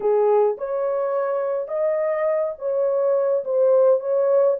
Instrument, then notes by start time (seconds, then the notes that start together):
horn
0.00 G#4
0.57 C#5
1.68 D#5
2.58 C#5
3.44 C5
4.00 C#5